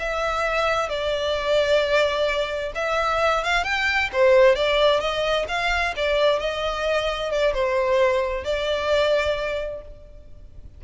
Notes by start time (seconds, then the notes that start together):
0.00 E5
0.89 D5
2.76 E5
3.44 F5
3.64 G5
4.13 C5
4.56 D5
5.00 D#5
5.49 F5
5.96 D5
6.40 D#5
7.32 D5
7.54 C5
8.45 D5